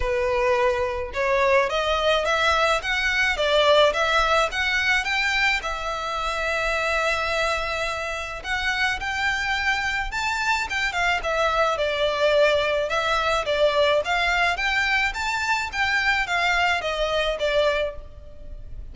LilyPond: \new Staff \with { instrumentName = "violin" } { \time 4/4 \tempo 4 = 107 b'2 cis''4 dis''4 | e''4 fis''4 d''4 e''4 | fis''4 g''4 e''2~ | e''2. fis''4 |
g''2 a''4 g''8 f''8 | e''4 d''2 e''4 | d''4 f''4 g''4 a''4 | g''4 f''4 dis''4 d''4 | }